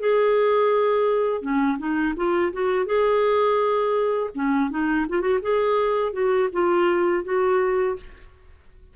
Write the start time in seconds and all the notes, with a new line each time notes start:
0.00 G#4
1.42 C#4
1.78 D#4
2.16 F4
2.53 F#4
2.86 G#4
4.35 C#4
4.71 D#4
5.09 F4
5.21 F#4
5.42 G#4
6.13 F#4
6.53 F4
7.24 F#4